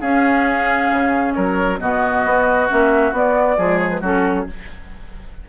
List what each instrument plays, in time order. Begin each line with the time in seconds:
0.00 bassoon C#4, clarinet C#4, oboe G#4, flute F5
0.90 bassoon C#3
1.33 bassoon F#3, oboe A#4, flute C#5
1.78 bassoon B2, clarinet B3, oboe F#4, flute D#5
2.24 bassoon B3
2.68 bassoon A#3, clarinet C#4, flute E5
3.12 bassoon B3, clarinet B3, flute D5
3.57 bassoon F3, clarinet G#3, oboe G#4
3.78 flute C#5
3.89 flute B4
4.00 bassoon F#3, clarinet C#4, oboe F#4, flute A4